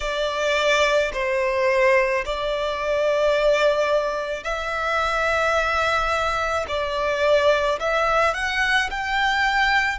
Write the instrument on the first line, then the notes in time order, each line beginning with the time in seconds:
violin
0.00 D5
1.13 C5
2.25 D5
4.43 E5
6.68 D5
7.79 E5
8.34 F#5
8.90 G5